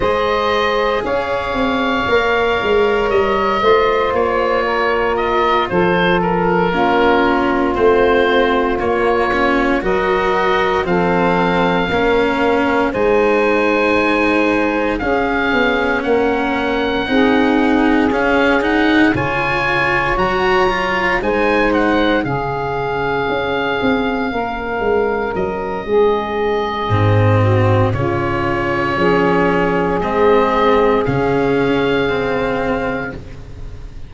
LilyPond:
<<
  \new Staff \with { instrumentName = "oboe" } { \time 4/4 \tempo 4 = 58 dis''4 f''2 dis''4 | cis''4 dis''8 c''8 ais'4. c''8~ | c''8 cis''4 dis''4 f''4.~ | f''8 gis''2 f''4 fis''8~ |
fis''4. f''8 fis''8 gis''4 ais''8~ | ais''8 gis''8 fis''8 f''2~ f''8~ | f''8 dis''2~ dis''8 cis''4~ | cis''4 dis''4 f''2 | }
  \new Staff \with { instrumentName = "saxophone" } { \time 4/4 c''4 cis''2~ cis''8 c''8~ | c''8 ais'4 a'4 f'4.~ | f'4. ais'4 a'4 ais'8~ | ais'8 c''2 gis'4 ais'8~ |
ais'8 gis'2 cis''4.~ | cis''8 c''4 gis'2 ais'8~ | ais'4 gis'4. fis'8 f'4 | gis'1 | }
  \new Staff \with { instrumentName = "cello" } { \time 4/4 gis'2 ais'4. f'8~ | f'2~ f'8 cis'4 c'8~ | c'8 ais8 cis'8 fis'4 c'4 cis'8~ | cis'8 dis'2 cis'4.~ |
cis'8 dis'4 cis'8 dis'8 f'4 fis'8 | f'8 dis'4 cis'2~ cis'8~ | cis'2 c'4 cis'4~ | cis'4 c'4 cis'4 c'4 | }
  \new Staff \with { instrumentName = "tuba" } { \time 4/4 gis4 cis'8 c'8 ais8 gis8 g8 a8 | ais4. f4 ais4 a8~ | a8 ais4 fis4 f4 ais8~ | ais8 gis2 cis'8 b8 ais8~ |
ais8 c'4 cis'4 cis4 fis8~ | fis8 gis4 cis4 cis'8 c'8 ais8 | gis8 fis8 gis4 gis,4 cis4 | f4 gis4 cis2 | }
>>